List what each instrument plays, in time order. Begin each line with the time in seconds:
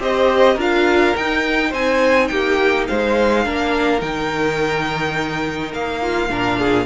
0.00 cello C4, viola G4, violin C5 D#5
0.55 cello D4, viola F4, violin A#4
0.61 violin F5
1.17 cello D#4, viola D#4, violin G5
1.70 cello C4, violin C5 G#5
2.28 cello A#3, violin G4 G5
2.88 cello G#3, violin C5 F5
3.45 cello A#3, viola D4, violin A#4
4.00 cello D#3, viola D#4, violin G5
5.74 cello A#3, violin F5
6.01 violin F4
6.30 cello A#2, viola D4, violin A#4
6.59 violin G#4